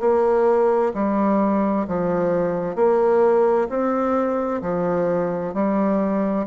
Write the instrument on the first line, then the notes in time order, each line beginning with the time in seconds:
bassoon
0.00 A#3
0.94 G3
1.88 F3
2.76 A#3
3.69 C4
4.62 F3
5.54 G3